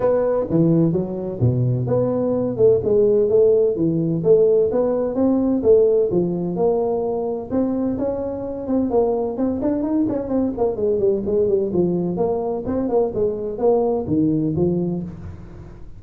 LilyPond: \new Staff \with { instrumentName = "tuba" } { \time 4/4 \tempo 4 = 128 b4 e4 fis4 b,4 | b4. a8 gis4 a4 | e4 a4 b4 c'4 | a4 f4 ais2 |
c'4 cis'4. c'8 ais4 | c'8 d'8 dis'8 cis'8 c'8 ais8 gis8 g8 | gis8 g8 f4 ais4 c'8 ais8 | gis4 ais4 dis4 f4 | }